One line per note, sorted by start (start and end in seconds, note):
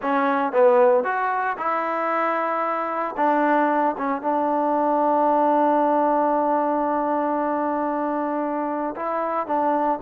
0.01 0.52 C#4
0.52 1.04 B3
1.04 1.56 F#4
1.57 3.15 E4
3.16 3.95 D4
3.97 4.21 C#4
4.21 8.95 D4
8.95 9.46 E4
9.46 9.99 D4